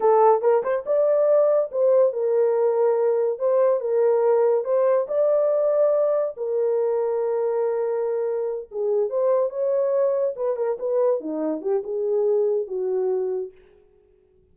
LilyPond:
\new Staff \with { instrumentName = "horn" } { \time 4/4 \tempo 4 = 142 a'4 ais'8 c''8 d''2 | c''4 ais'2. | c''4 ais'2 c''4 | d''2. ais'4~ |
ais'1~ | ais'8 gis'4 c''4 cis''4.~ | cis''8 b'8 ais'8 b'4 dis'4 g'8 | gis'2 fis'2 | }